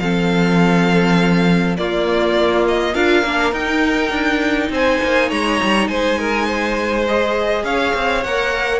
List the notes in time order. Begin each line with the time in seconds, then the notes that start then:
0.00 F3 C4 A4 F5
1.77 A#3 F4 D5
2.68 D#5
2.94 D4 F4 A#4 F5
3.23 A#3 D4
3.52 D#4 G5
4.11 D4
4.70 C4 C5 G#5
5.04 A#3
5.29 G#3 C#5 A#5
5.62 G3
5.88 G#3 C5 G#5
6.19 A#4
6.46 C5
7.07 G#4 D#5
7.63 C#4 C#5 F5
7.95 C4
8.24 A#3 A#4 F#5